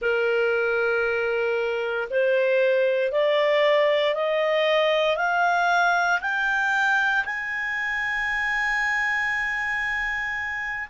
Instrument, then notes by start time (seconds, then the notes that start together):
clarinet
0.01 A#4
2.10 C5
3.11 D5
4.14 D#5
5.17 F5
6.21 G5
7.25 G#5